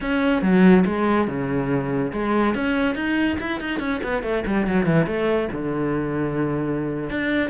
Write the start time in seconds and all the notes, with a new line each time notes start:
0.00 C#4
0.42 F#3
0.85 G#3
1.27 C#3
2.12 G#3
2.54 C#4
2.95 D#4
3.40 E4
3.60 D#4
3.79 C#4
4.03 B3
4.23 A3
4.46 G3
4.66 F#3
4.85 E3
5.06 A3
5.52 D3
7.10 D4